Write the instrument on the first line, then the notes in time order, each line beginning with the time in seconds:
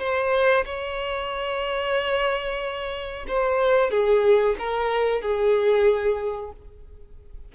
violin
0.00 C5
0.66 C#5
3.28 C5
3.91 G#4
4.59 A#4
5.22 G#4